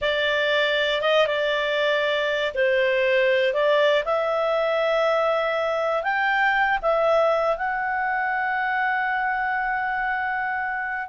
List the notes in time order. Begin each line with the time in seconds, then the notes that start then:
0.01 D5
1.01 D#5
1.26 D5
2.54 C5
3.53 D5
4.05 E5
6.03 G5
6.82 E5
7.56 F#5